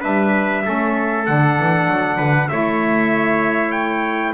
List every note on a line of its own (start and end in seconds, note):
0.00 0.66 G3
0.00 0.63 D4
0.00 0.62 B4
0.00 1.26 E5
0.63 1.28 A3
0.63 1.25 C#4
0.63 2.17 A4
1.26 1.59 D3
1.26 2.49 D4
1.26 2.49 F#5
1.59 1.88 E3
1.88 2.19 F#3
2.17 2.49 D3
2.17 2.48 B4
2.49 4.34 A3
2.49 4.34 E4
2.49 4.34 C#5
2.49 3.71 E5
3.71 4.33 G5